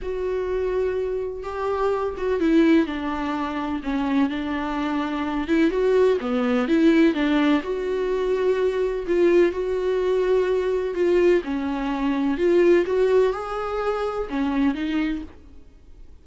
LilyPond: \new Staff \with { instrumentName = "viola" } { \time 4/4 \tempo 4 = 126 fis'2. g'4~ | g'8 fis'8 e'4 d'2 | cis'4 d'2~ d'8 e'8 | fis'4 b4 e'4 d'4 |
fis'2. f'4 | fis'2. f'4 | cis'2 f'4 fis'4 | gis'2 cis'4 dis'4 | }